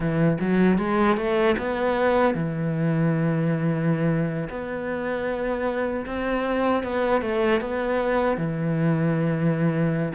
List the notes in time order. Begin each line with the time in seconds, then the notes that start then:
0.00 E3
0.40 F#3
0.78 G#3
1.17 A3
1.58 B3
2.34 E3
4.49 B3
6.06 C4
6.83 B3
7.21 A3
7.60 B3
8.37 E3